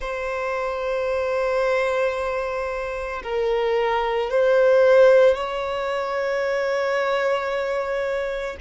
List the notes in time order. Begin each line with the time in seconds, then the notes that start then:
0.00 C5
3.23 A#4
4.30 C5
5.35 C#5